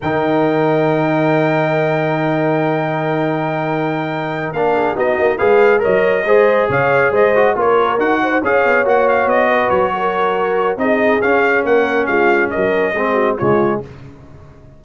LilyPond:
<<
  \new Staff \with { instrumentName = "trumpet" } { \time 4/4 \tempo 4 = 139 g''1~ | g''1~ | g''2~ g''8 f''4 dis''8~ | dis''8 f''4 dis''2 f''8~ |
f''8 dis''4 cis''4 fis''4 f''8~ | f''8 fis''8 f''8 dis''4 cis''4.~ | cis''4 dis''4 f''4 fis''4 | f''4 dis''2 cis''4 | }
  \new Staff \with { instrumentName = "horn" } { \time 4/4 ais'1~ | ais'1~ | ais'2. gis'8 fis'8~ | fis'8 b'4 cis''4 c''4 cis''8~ |
cis''8 c''4 ais'4. c''8 cis''8~ | cis''2 b'4 ais'4~ | ais'4 gis'2 ais'4 | f'4 ais'4 gis'8 fis'8 f'4 | }
  \new Staff \with { instrumentName = "trombone" } { \time 4/4 dis'1~ | dis'1~ | dis'2~ dis'8 d'4 dis'8~ | dis'8 gis'4 ais'4 gis'4.~ |
gis'4 fis'8 f'4 fis'4 gis'8~ | gis'8 fis'2.~ fis'8~ | fis'4 dis'4 cis'2~ | cis'2 c'4 gis4 | }
  \new Staff \with { instrumentName = "tuba" } { \time 4/4 dis1~ | dis1~ | dis2~ dis8 ais4 b8 | ais8 gis4 fis4 gis4 cis8~ |
cis8 gis4 ais4 dis'4 cis'8 | b8 ais4 b4 fis4.~ | fis4 c'4 cis'4 ais4 | gis4 fis4 gis4 cis4 | }
>>